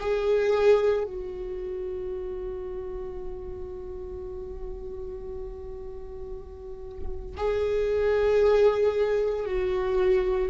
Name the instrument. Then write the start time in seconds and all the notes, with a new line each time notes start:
viola
0.00 G#4
1.05 F#4
7.37 G#4
9.46 F#4